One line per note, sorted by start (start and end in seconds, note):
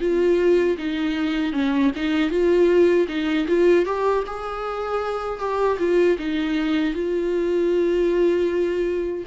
0.00 0.77 F4
0.78 1.52 D#4
1.52 1.91 C#4
1.95 2.30 D#4
2.30 3.07 F4
3.08 3.47 D#4
3.48 3.85 F4
3.85 4.24 G4
4.27 5.40 G#4
5.40 5.78 G4
5.79 6.17 F4
6.19 6.94 D#4
6.94 9.24 F4